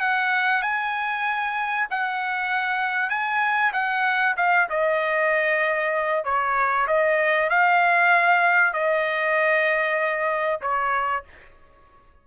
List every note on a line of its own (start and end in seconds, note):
0.00 0.62 F#5
0.62 1.87 G#5
1.90 3.10 F#5
3.10 3.72 G#5
3.73 4.36 F#5
4.37 4.68 F5
4.70 6.24 D#5
6.24 6.87 C#5
6.87 7.49 D#5
7.50 8.73 F5
8.73 10.61 D#5
10.61 11.24 C#5